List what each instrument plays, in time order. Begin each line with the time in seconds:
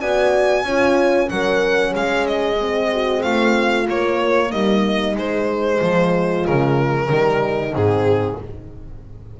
0.00 double bass B3, horn F#4 D5, violin G#5
0.63 double bass C#4, horn F4 C#5
1.28 double bass F#3, horn C#4 A#4, violin F#5
1.91 double bass G#3, horn G#4, violin F5
2.27 violin D#5
2.59 horn C4
2.92 horn F#4
3.22 double bass A3, horn F4, violin F5
3.88 horn A#3, double bass A#3, violin C#5
4.51 double bass G3, horn D#4, violin D#5
5.15 double bass G#3, horn G#3, violin C5
5.80 double bass F3, horn F4
6.46 double bass C#3, violin A#4
7.09 double bass D#3, horn G3 D#4
7.72 double bass G#2, horn C4, violin G#4